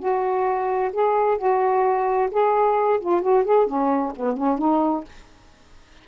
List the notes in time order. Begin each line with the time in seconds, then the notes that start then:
0.00 F#4
0.93 G#4
1.38 F#4
2.32 G#4
3.01 F4
3.22 F#4
3.45 G#4
3.67 C#4
4.17 B3
4.37 C#4
4.59 D#4